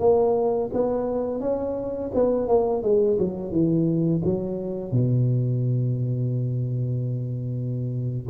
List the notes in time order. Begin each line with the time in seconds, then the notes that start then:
0.00 A#3
0.73 B3
1.41 C#4
2.14 B3
2.48 A#3
2.83 G#3
3.19 F#3
3.52 E3
4.24 F#3
4.92 B2